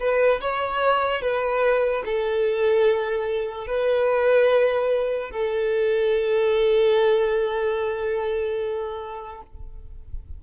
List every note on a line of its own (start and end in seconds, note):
0.00 0.41 B4
0.41 1.21 C#5
1.21 2.04 B4
2.05 3.67 A4
3.67 5.31 B4
5.31 9.42 A4